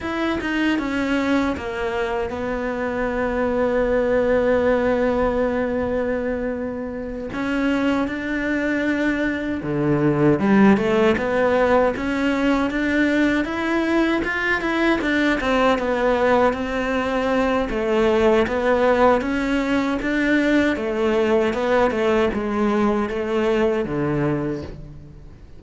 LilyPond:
\new Staff \with { instrumentName = "cello" } { \time 4/4 \tempo 4 = 78 e'8 dis'8 cis'4 ais4 b4~ | b1~ | b4. cis'4 d'4.~ | d'8 d4 g8 a8 b4 cis'8~ |
cis'8 d'4 e'4 f'8 e'8 d'8 | c'8 b4 c'4. a4 | b4 cis'4 d'4 a4 | b8 a8 gis4 a4 d4 | }